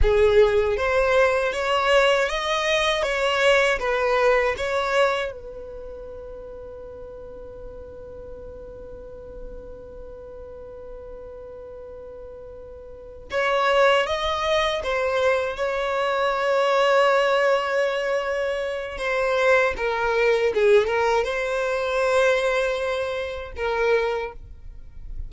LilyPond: \new Staff \with { instrumentName = "violin" } { \time 4/4 \tempo 4 = 79 gis'4 c''4 cis''4 dis''4 | cis''4 b'4 cis''4 b'4~ | b'1~ | b'1~ |
b'4. cis''4 dis''4 c''8~ | c''8 cis''2.~ cis''8~ | cis''4 c''4 ais'4 gis'8 ais'8 | c''2. ais'4 | }